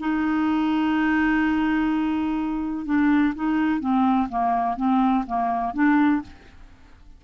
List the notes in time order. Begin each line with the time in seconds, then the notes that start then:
0.00 D#4
2.86 D4
3.35 D#4
3.81 C4
4.29 A#3
4.77 C4
5.27 A#3
5.74 D4